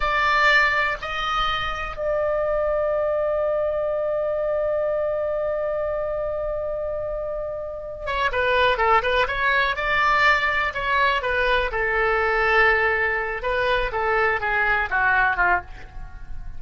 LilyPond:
\new Staff \with { instrumentName = "oboe" } { \time 4/4 \tempo 4 = 123 d''2 dis''2 | d''1~ | d''1~ | d''1~ |
d''8 cis''8 b'4 a'8 b'8 cis''4 | d''2 cis''4 b'4 | a'2.~ a'8 b'8~ | b'8 a'4 gis'4 fis'4 f'8 | }